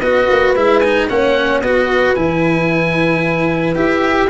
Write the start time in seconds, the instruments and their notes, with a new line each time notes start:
0.00 tuba B3, cello F#4, horn B4, oboe D#5
0.30 tuba A#3
0.55 tuba G#3, cello E4, oboe E5
0.80 cello D#4, oboe G#5
1.09 tuba A#3, cello C#4, horn C#5, oboe F#5
1.61 tuba B3, cello F#4, horn B4, oboe D#5
2.15 tuba E3, cello E4, oboe G#5
3.76 tuba E4, cello G4, oboe E5